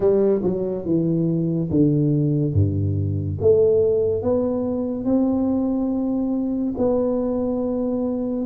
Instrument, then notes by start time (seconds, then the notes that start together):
tuba
0.00 G3
0.43 F#3
0.85 E3
1.70 D3
2.53 G2
3.40 A3
4.22 B3
5.05 C4
6.77 B3